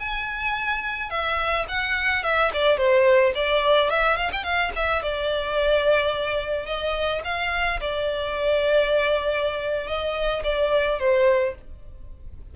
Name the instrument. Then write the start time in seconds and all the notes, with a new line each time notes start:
violin
0.00 G#5
1.10 E5
1.68 F#5
2.23 E5
2.54 D5
2.78 C5
3.35 D5
3.90 E5
4.17 F5
4.32 G5
4.44 F5
4.76 E5
5.02 D5
6.66 D#5
7.25 F5
7.81 D5
9.87 D#5
10.44 D5
10.99 C5